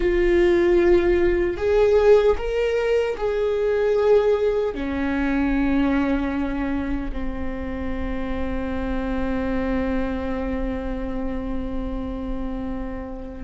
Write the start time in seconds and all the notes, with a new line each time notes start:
0.00 F4
1.57 G#4
2.37 A#4
3.17 G#4
4.74 C#4
7.12 C4